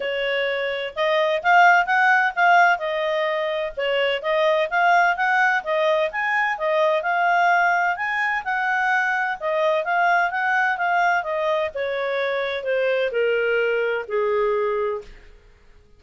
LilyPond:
\new Staff \with { instrumentName = "clarinet" } { \time 4/4 \tempo 4 = 128 cis''2 dis''4 f''4 | fis''4 f''4 dis''2 | cis''4 dis''4 f''4 fis''4 | dis''4 gis''4 dis''4 f''4~ |
f''4 gis''4 fis''2 | dis''4 f''4 fis''4 f''4 | dis''4 cis''2 c''4 | ais'2 gis'2 | }